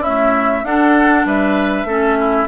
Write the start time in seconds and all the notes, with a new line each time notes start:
0.00 A3 C#4 E4 E5
0.64 D4 A4 F#5
1.25 G3 B4 E5
1.84 A3 C#4 A4
2.19 E4